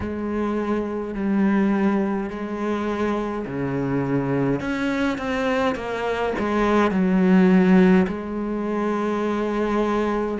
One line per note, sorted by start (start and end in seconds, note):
0.00 1.14 G#3
1.14 2.30 G3
2.30 3.45 G#3
3.46 4.60 C#3
4.60 5.18 C#4
5.18 5.75 C4
5.75 6.33 A#3
6.38 6.91 G#3
6.91 8.06 F#3
8.07 10.37 G#3